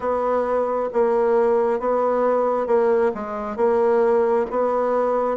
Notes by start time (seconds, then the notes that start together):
0.00 B3
0.92 A#3
1.79 B3
2.66 A#3
3.14 G#3
3.56 A#3
4.50 B3